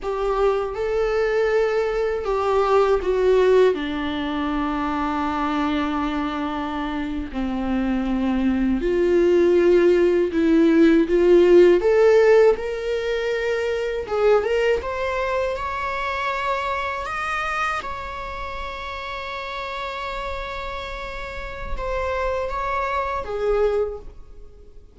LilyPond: \new Staff \with { instrumentName = "viola" } { \time 4/4 \tempo 4 = 80 g'4 a'2 g'4 | fis'4 d'2.~ | d'4.~ d'16 c'2 f'16~ | f'4.~ f'16 e'4 f'4 a'16~ |
a'8. ais'2 gis'8 ais'8 c''16~ | c''8. cis''2 dis''4 cis''16~ | cis''1~ | cis''4 c''4 cis''4 gis'4 | }